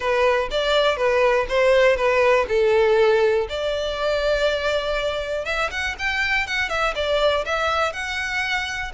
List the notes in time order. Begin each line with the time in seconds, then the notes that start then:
0.00 B4
0.50 D5
0.96 B4
1.49 C5
1.96 B4
2.48 A4
3.49 D5
5.45 E5
5.70 F#5
5.98 G5
6.47 F#5
6.69 E5
6.95 D5
7.45 E5
7.92 F#5